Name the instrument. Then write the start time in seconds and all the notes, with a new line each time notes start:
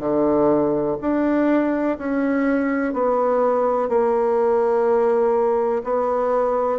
bassoon
0.00 D3
1.02 D4
1.98 C#4
2.94 B3
3.89 A#3
5.84 B3